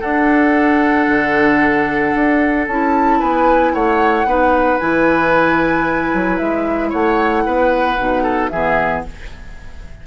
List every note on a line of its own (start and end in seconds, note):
0.00 1.07 D4
0.00 2.67 D4
0.00 3.19 A4
0.00 2.66 F#5
1.07 2.13 D3
2.15 2.67 D4
2.67 3.20 C#4
2.67 4.26 E4
2.67 3.20 A5
3.19 3.74 B3
3.19 3.72 B4
3.19 3.74 G#5
3.74 4.25 A3
3.74 4.27 C#5
3.74 4.78 F#5
4.25 4.78 B3
4.25 4.79 D#4
4.25 6.89 B4
4.78 6.13 E3
4.78 7.97 E4
4.78 6.37 G#5
6.13 6.40 F#3
6.37 6.93 G#3
6.37 6.90 E5
6.89 7.46 A3
6.89 7.42 C#5
6.89 8.48 F#5
7.46 7.98 B3
7.46 8.23 B4
7.97 8.51 B2
7.97 8.51 D#4
8.23 8.49 A4
8.48 9.04 E3
8.48 9.06 B3
8.48 9.05 G#4
8.48 9.01 E5